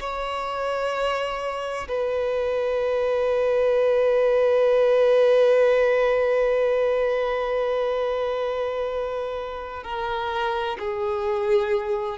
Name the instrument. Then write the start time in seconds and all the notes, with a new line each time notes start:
violin
0.00 C#5
1.88 B4
9.84 A#4
10.79 G#4